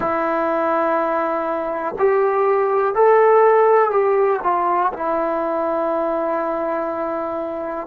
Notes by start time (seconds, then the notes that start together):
0.00 E4
1.99 G4
2.94 A4
3.91 G4
4.43 F4
4.93 E4